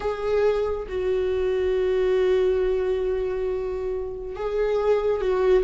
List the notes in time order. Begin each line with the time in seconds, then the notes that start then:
0.00 G#4
0.88 F#4
4.35 G#4
5.21 F#4